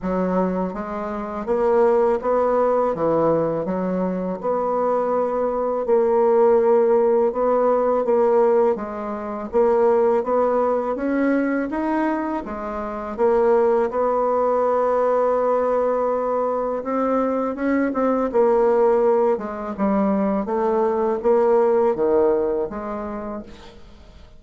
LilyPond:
\new Staff \with { instrumentName = "bassoon" } { \time 4/4 \tempo 4 = 82 fis4 gis4 ais4 b4 | e4 fis4 b2 | ais2 b4 ais4 | gis4 ais4 b4 cis'4 |
dis'4 gis4 ais4 b4~ | b2. c'4 | cis'8 c'8 ais4. gis8 g4 | a4 ais4 dis4 gis4 | }